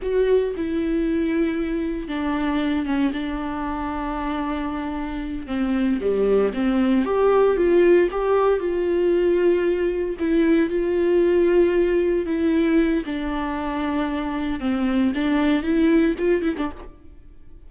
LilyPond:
\new Staff \with { instrumentName = "viola" } { \time 4/4 \tempo 4 = 115 fis'4 e'2. | d'4. cis'8 d'2~ | d'2~ d'8 c'4 g8~ | g8 c'4 g'4 f'4 g'8~ |
g'8 f'2. e'8~ | e'8 f'2. e'8~ | e'4 d'2. | c'4 d'4 e'4 f'8 e'16 d'16 | }